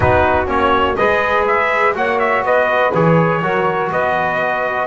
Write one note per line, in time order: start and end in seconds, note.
0.00 0.47 B3
0.00 0.46 D#4
0.00 0.97 F#4
0.00 0.48 B4
0.46 0.96 A#3
0.46 0.95 C#4
0.46 0.96 C#5
0.96 1.95 G#3
0.96 1.95 G#4
0.96 1.95 B4
0.96 1.45 D#5
1.47 1.96 E5
1.95 2.42 A#3
1.95 2.92 F#4
1.95 2.44 C#5
1.95 2.19 F#5
2.19 2.43 E5
2.42 2.91 B3
2.42 3.41 B4
2.42 2.93 D#5
2.94 3.41 E3
2.94 3.43 G#4
2.94 3.91 C#5
3.41 3.90 F#3
3.41 4.86 F#4
3.41 3.91 A#4
3.91 4.86 B3
3.91 4.86 B4
3.91 4.86 D#5